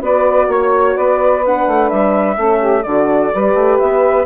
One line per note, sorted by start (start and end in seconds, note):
0.00 0.48 B3
0.00 1.43 F#4
0.00 0.47 B4
0.00 0.51 D5
0.48 0.95 A#3
0.48 0.95 C#5
0.48 0.97 C#5
0.95 1.67 B3
0.95 2.37 B4
0.95 1.44 D5
1.45 2.37 D4
1.45 1.89 F#5
1.67 1.91 A3
1.89 2.37 G3
1.89 2.83 E5
2.37 2.84 A3
2.37 2.84 C#4
2.37 2.59 A4
2.59 2.83 G4
2.83 3.33 D3
2.83 3.32 D4
2.83 3.33 F#4
2.83 3.77 D5
3.32 3.54 G3
3.32 4.26 G4
3.32 4.26 B4
3.54 3.78 A3
3.79 4.26 B3
3.79 4.26 E5